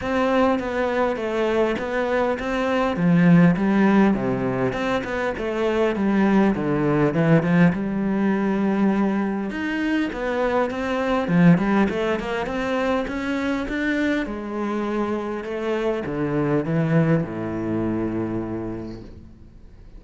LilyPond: \new Staff \with { instrumentName = "cello" } { \time 4/4 \tempo 4 = 101 c'4 b4 a4 b4 | c'4 f4 g4 c4 | c'8 b8 a4 g4 d4 | e8 f8 g2. |
dis'4 b4 c'4 f8 g8 | a8 ais8 c'4 cis'4 d'4 | gis2 a4 d4 | e4 a,2. | }